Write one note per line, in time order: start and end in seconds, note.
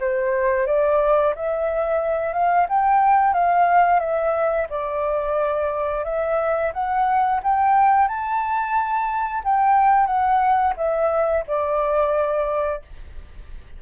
0.00 0.66 C5
0.66 1.34 D5
1.35 2.33 E5
2.33 2.67 F5
2.69 3.33 G5
3.33 4.00 F5
4.00 4.67 E5
4.69 6.04 D5
6.04 6.72 E5
6.73 7.41 F#5
7.43 8.08 G5
8.08 9.43 A5
9.44 10.06 G5
10.06 10.74 F#5
10.77 11.44 E5
11.47 12.82 D5